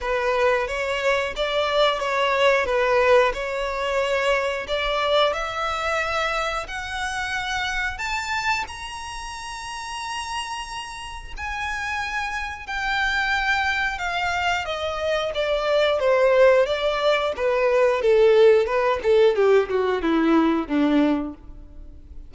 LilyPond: \new Staff \with { instrumentName = "violin" } { \time 4/4 \tempo 4 = 90 b'4 cis''4 d''4 cis''4 | b'4 cis''2 d''4 | e''2 fis''2 | a''4 ais''2.~ |
ais''4 gis''2 g''4~ | g''4 f''4 dis''4 d''4 | c''4 d''4 b'4 a'4 | b'8 a'8 g'8 fis'8 e'4 d'4 | }